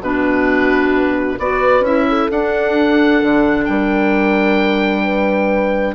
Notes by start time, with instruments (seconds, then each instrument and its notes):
0.00 bassoon B2, clarinet D4, horn F#4, oboe B4
1.38 bassoon B3, clarinet F#4, horn B4, oboe D5
1.80 bassoon C#4, clarinet E4, oboe E5
2.08 horn A4
2.30 bassoon D4, clarinet D4, oboe F#5
3.22 bassoon D3
3.65 bassoon G3, horn A#4, oboe G5
5.03 horn B4